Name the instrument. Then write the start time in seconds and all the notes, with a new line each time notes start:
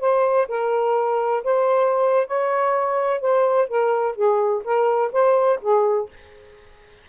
saxophone
0.00 C5
0.48 A#4
1.44 C5
2.27 C#5
3.21 C5
3.68 A#4
4.15 G#4
4.64 A#4
5.12 C5
5.61 G#4